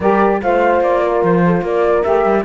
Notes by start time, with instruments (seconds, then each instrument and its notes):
0.00 cello G3, saxophone G4, horn A#4, flute D5
0.41 cello A3, saxophone F4, horn C5, flute F5
0.80 cello A#3, flute D5
1.03 horn A#4
1.23 cello F3, flute C5
1.45 horn A4
1.61 cello A#3, horn A#4, flute D5
2.03 cello A3, saxophone G4, flute E5
2.25 cello G3